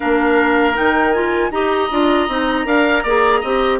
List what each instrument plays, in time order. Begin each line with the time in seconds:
0.00 bassoon A#3, clarinet D4, oboe A#4, flute F5
0.74 bassoon D#3, clarinet D#4, flute G5
1.12 clarinet F4, flute G#5
1.50 bassoon D#4, clarinet G4, oboe D#5, flute A#5
1.91 bassoon D4, clarinet F4
2.28 bassoon C4, clarinet D#4
2.65 bassoon D4, clarinet A#4, oboe F5
3.03 bassoon A#3, clarinet G#4, oboe D5
3.40 bassoon C4, clarinet G4, oboe D#5